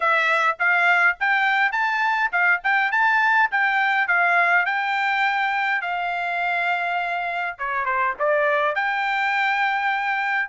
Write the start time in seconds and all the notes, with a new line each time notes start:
0.00 E5
0.59 F5
1.19 G5
1.72 A5
2.31 F5
2.63 G5
2.91 A5
3.51 G5
4.07 F5
4.65 G5
5.81 F5
7.58 C#5
7.85 C5
8.19 D5
8.75 G5